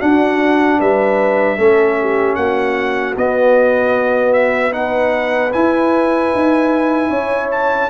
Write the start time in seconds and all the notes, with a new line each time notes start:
0.00 D4 F#4 F#5
0.80 G3 B4 E5
1.58 A3 C#4 A4
2.01 G4
2.36 A#3 F#4 F#5
3.17 B3 D#5
4.34 E5
4.72 D#4 B4 F#5
5.53 E4 G#5
6.35 D#4
7.10 C#4 C#5
7.51 A5